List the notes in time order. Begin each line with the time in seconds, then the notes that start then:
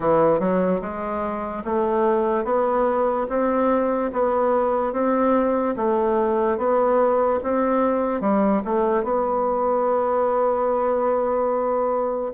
0.00 E3
0.39 F#3
0.81 G#3
1.64 A3
2.44 B3
3.29 C4
4.12 B3
4.92 C4
5.76 A3
6.57 B3
7.43 C4
8.20 G3
8.64 A3
9.03 B3